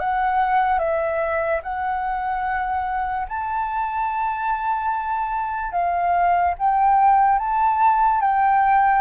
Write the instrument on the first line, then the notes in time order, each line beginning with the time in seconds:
flute
0.00 F#5
0.79 E5
1.63 F#5
3.28 A5
5.72 F5
6.59 G5
7.39 A5
8.21 G5